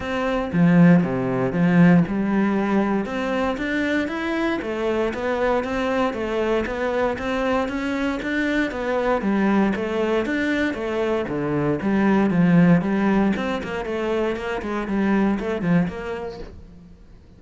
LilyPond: \new Staff \with { instrumentName = "cello" } { \time 4/4 \tempo 4 = 117 c'4 f4 c4 f4 | g2 c'4 d'4 | e'4 a4 b4 c'4 | a4 b4 c'4 cis'4 |
d'4 b4 g4 a4 | d'4 a4 d4 g4 | f4 g4 c'8 ais8 a4 | ais8 gis8 g4 a8 f8 ais4 | }